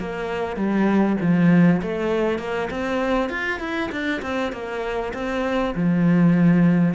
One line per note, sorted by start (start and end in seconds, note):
0.00 0.56 A#3
0.56 1.17 G3
1.21 1.82 F3
1.82 2.39 A3
2.39 2.69 A#3
2.71 3.30 C4
3.30 3.60 F4
3.60 3.90 E4
3.92 4.22 D4
4.22 4.53 C4
4.53 5.13 A#3
5.14 5.74 C4
5.75 6.95 F3